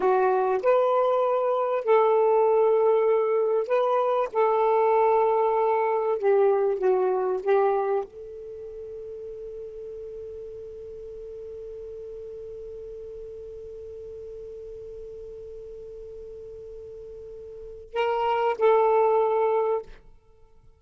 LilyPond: \new Staff \with { instrumentName = "saxophone" } { \time 4/4 \tempo 4 = 97 fis'4 b'2 a'4~ | a'2 b'4 a'4~ | a'2 g'4 fis'4 | g'4 a'2.~ |
a'1~ | a'1~ | a'1~ | a'4 ais'4 a'2 | }